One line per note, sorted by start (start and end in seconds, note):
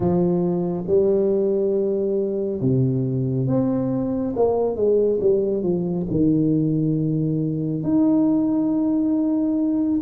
0.00 0.85 F3
0.87 2.60 G3
2.60 3.47 C3
3.47 4.34 C4
4.36 4.75 A#3
4.75 5.19 G#3
5.20 5.62 G3
5.62 6.06 F3
6.10 7.83 D#3
7.83 10.00 D#4